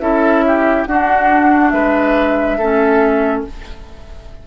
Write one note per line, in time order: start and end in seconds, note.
0.00 0.86 C#4
0.00 0.86 E4
0.00 0.45 A4
0.00 0.86 E5
0.47 0.89 G4
0.86 1.72 D4
0.86 2.60 D4
0.86 1.73 F#4
0.86 1.70 F#5
1.70 2.58 G#3
1.70 2.58 B4
1.70 3.42 E5
2.58 3.44 A3
2.58 3.47 C#4
2.58 3.44 A4